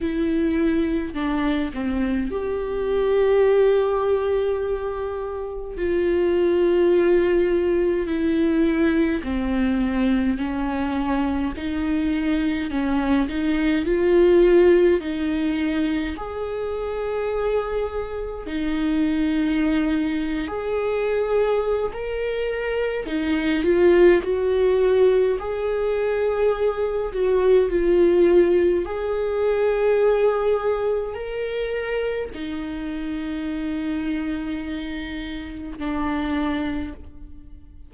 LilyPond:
\new Staff \with { instrumentName = "viola" } { \time 4/4 \tempo 4 = 52 e'4 d'8 c'8 g'2~ | g'4 f'2 e'4 | c'4 cis'4 dis'4 cis'8 dis'8 | f'4 dis'4 gis'2 |
dis'4.~ dis'16 gis'4~ gis'16 ais'4 | dis'8 f'8 fis'4 gis'4. fis'8 | f'4 gis'2 ais'4 | dis'2. d'4 | }